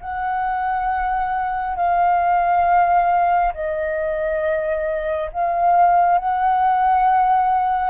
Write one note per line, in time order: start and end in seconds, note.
0.00 1.76 F#5
1.76 3.53 F5
3.53 5.30 D#5
5.32 6.18 F5
6.18 7.90 F#5